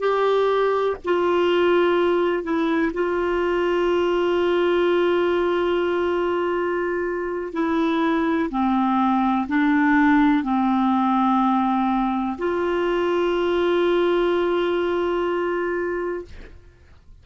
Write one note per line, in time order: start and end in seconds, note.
0.00 0.97 G4
1.05 2.44 F4
2.44 2.92 E4
2.94 7.53 F4
7.53 8.50 E4
8.50 9.47 C4
9.48 10.44 D4
10.44 12.37 C4
12.38 16.25 F4